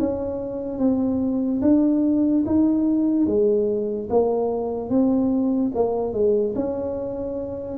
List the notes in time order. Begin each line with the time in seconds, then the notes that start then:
0.00 C#4
0.79 C4
1.62 D4
2.46 D#4
3.27 G#3
4.10 A#3
4.90 C4
5.75 A#3
6.13 G#3
6.55 C#4